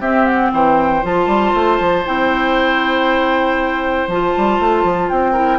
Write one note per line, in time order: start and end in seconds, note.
0.00 0.51 C4
0.00 1.03 C4
0.00 0.51 G4
0.00 0.26 E5
0.26 0.51 F#5
0.52 1.03 E3
0.52 5.32 C5
0.52 1.05 G5
1.03 1.27 F3
1.03 2.04 F4
1.03 2.06 A5
1.27 1.52 G3
1.54 1.79 A3
1.80 2.05 F3
2.05 4.08 C4
2.05 4.08 E4
2.05 4.09 G5
4.08 4.33 F3
4.08 5.34 F4
4.08 5.09 A5
4.37 4.59 G3
4.59 4.84 A3
4.84 5.09 F3
5.09 5.59 C4
5.09 5.59 G5
5.32 5.59 E4
5.32 5.58 A#4